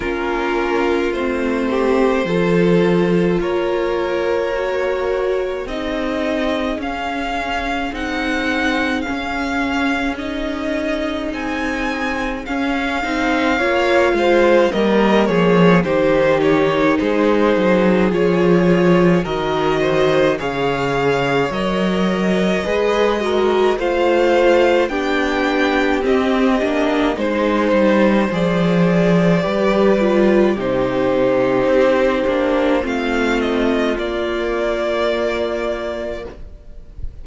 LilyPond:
<<
  \new Staff \with { instrumentName = "violin" } { \time 4/4 \tempo 4 = 53 ais'4 c''2 cis''4~ | cis''4 dis''4 f''4 fis''4 | f''4 dis''4 gis''4 f''4~ | f''4 dis''8 cis''8 c''8 cis''8 c''4 |
cis''4 dis''4 f''4 dis''4~ | dis''4 f''4 g''4 dis''4 | c''4 d''2 c''4~ | c''4 f''8 dis''8 d''2 | }
  \new Staff \with { instrumentName = "violin" } { \time 4/4 f'4. g'8 a'4 ais'4~ | ais'4 gis'2.~ | gis'1 | cis''8 c''8 ais'8 gis'8 g'4 gis'4~ |
gis'4 ais'8 c''8 cis''2 | b'8 ais'8 c''4 g'2 | c''2 b'4 g'4~ | g'4 f'2. | }
  \new Staff \with { instrumentName = "viola" } { \time 4/4 cis'4 c'4 f'2 | fis'4 dis'4 cis'4 dis'4 | cis'4 dis'2 cis'8 dis'8 | f'4 ais4 dis'2 |
f'4 fis'4 gis'4 ais'4 | gis'8 fis'8 f'4 d'4 c'8 d'8 | dis'4 gis'4 g'8 f'8 dis'4~ | dis'8 d'8 c'4 ais2 | }
  \new Staff \with { instrumentName = "cello" } { \time 4/4 ais4 a4 f4 ais4~ | ais4 c'4 cis'4 c'4 | cis'2 c'4 cis'8 c'8 | ais8 gis8 g8 f8 dis4 gis8 fis8 |
f4 dis4 cis4 fis4 | gis4 a4 b4 c'8 ais8 | gis8 g8 f4 g4 c4 | c'8 ais8 a4 ais2 | }
>>